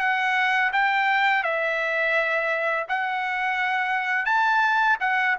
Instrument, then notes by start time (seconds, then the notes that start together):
trumpet
0.00 F#5
0.73 G5
1.44 E5
2.89 F#5
4.26 A5
5.01 F#5